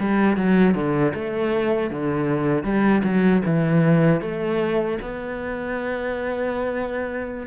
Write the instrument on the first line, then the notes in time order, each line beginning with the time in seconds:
cello
0.00 G3
0.37 F#3
0.75 D3
1.15 A3
1.91 D3
2.64 G3
3.05 F#3
3.46 E3
4.22 A3
5.02 B3